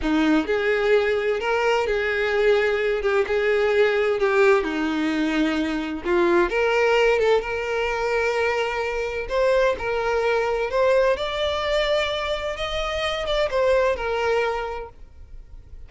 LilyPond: \new Staff \with { instrumentName = "violin" } { \time 4/4 \tempo 4 = 129 dis'4 gis'2 ais'4 | gis'2~ gis'8 g'8 gis'4~ | gis'4 g'4 dis'2~ | dis'4 f'4 ais'4. a'8 |
ais'1 | c''4 ais'2 c''4 | d''2. dis''4~ | dis''8 d''8 c''4 ais'2 | }